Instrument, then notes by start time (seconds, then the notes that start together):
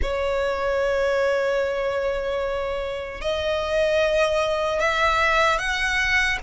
violin
0.02 C#5
3.21 D#5
4.80 E5
5.58 F#5